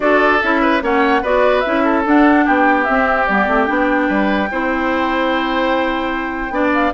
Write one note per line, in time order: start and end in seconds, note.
0.00 0.40 D4
0.00 0.39 F#4
0.00 0.61 A4
0.00 0.41 D5
0.41 0.82 C#4
0.41 0.81 E4
0.41 0.82 E5
0.61 0.82 B4
0.81 1.22 A#3
0.81 1.22 C#4
0.81 1.21 C#5
0.81 1.24 F#5
1.21 1.64 B3
1.21 1.64 F#4
1.21 1.83 B4
1.21 1.60 D5
1.60 2.05 C#4
1.60 2.05 E4
1.60 2.01 E5
1.84 2.45 A4
2.05 2.86 D4
2.05 2.46 D4
2.05 2.47 F#5
2.45 2.88 B3
2.45 4.08 G4
2.45 2.84 G5
2.84 3.28 C4
2.84 3.29 C4
2.84 3.25 E5
3.26 3.47 G3
3.26 3.47 B3
3.26 3.65 D5
3.47 3.68 A3
3.47 3.66 C4
3.65 4.09 B3
3.65 4.48 D4
3.65 6.71 G5
4.08 4.50 G3
4.08 4.49 B4
4.50 6.50 C4
4.50 6.51 E4
4.50 6.53 C5
6.50 6.91 B3
6.50 6.92 D4
6.50 6.93 D5
6.73 6.93 F5